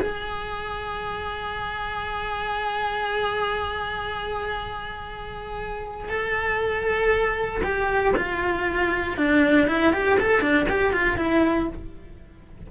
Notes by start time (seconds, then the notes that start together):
0.00 G#4
6.09 A4
7.63 G4
8.16 F4
9.17 D4
9.67 E4
9.93 G4
10.19 A4
10.41 D4
10.69 G4
10.92 F4
11.17 E4